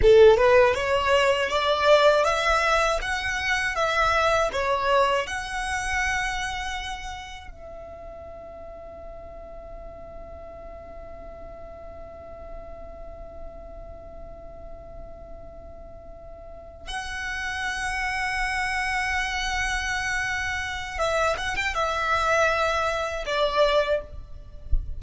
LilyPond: \new Staff \with { instrumentName = "violin" } { \time 4/4 \tempo 4 = 80 a'8 b'8 cis''4 d''4 e''4 | fis''4 e''4 cis''4 fis''4~ | fis''2 e''2~ | e''1~ |
e''1~ | e''2~ e''8 fis''4.~ | fis''1 | e''8 fis''16 g''16 e''2 d''4 | }